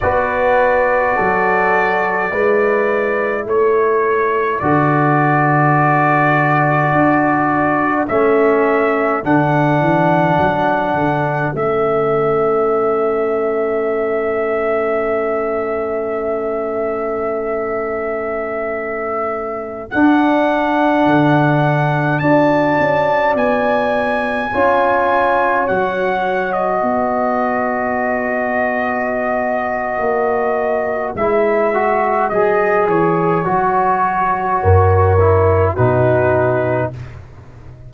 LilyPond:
<<
  \new Staff \with { instrumentName = "trumpet" } { \time 4/4 \tempo 4 = 52 d''2. cis''4 | d''2. e''4 | fis''2 e''2~ | e''1~ |
e''4~ e''16 fis''2 a''8.~ | a''16 gis''2 fis''8. dis''4~ | dis''2. e''4 | dis''8 cis''2~ cis''8 b'4 | }
  \new Staff \with { instrumentName = "horn" } { \time 4/4 b'4 a'4 b'4 a'4~ | a'1~ | a'1~ | a'1~ |
a'2.~ a'16 d''8.~ | d''4~ d''16 cis''2 b'8.~ | b'1~ | b'2 ais'4 fis'4 | }
  \new Staff \with { instrumentName = "trombone" } { \time 4/4 fis'2 e'2 | fis'2. cis'4 | d'2 cis'2~ | cis'1~ |
cis'4~ cis'16 d'2 fis'8.~ | fis'4~ fis'16 f'4 fis'4.~ fis'16~ | fis'2. e'8 fis'8 | gis'4 fis'4. e'8 dis'4 | }
  \new Staff \with { instrumentName = "tuba" } { \time 4/4 b4 fis4 gis4 a4 | d2 d'4 a4 | d8 e8 fis8 d8 a2~ | a1~ |
a4~ a16 d'4 d4 d'8 cis'16~ | cis'16 b4 cis'4 fis4 b8.~ | b2 ais4 gis4 | fis8 e8 fis4 fis,4 b,4 | }
>>